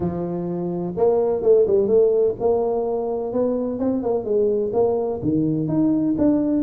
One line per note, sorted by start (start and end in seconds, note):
0.00 0.93 F3
0.97 1.42 A#3
1.42 1.66 A3
1.66 1.87 G3
1.87 2.35 A3
2.40 3.32 A#3
3.32 3.79 B3
3.79 4.02 C4
4.02 4.24 A#3
4.24 4.71 G#3
4.73 5.20 A#3
5.22 5.67 D#3
5.67 6.15 D#4
6.18 6.63 D4